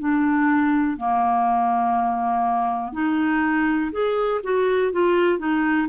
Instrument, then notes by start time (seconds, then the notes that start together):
clarinet
0.00 D4
0.97 A#3
2.93 D#4
3.93 G#4
4.44 F#4
4.93 F4
5.39 D#4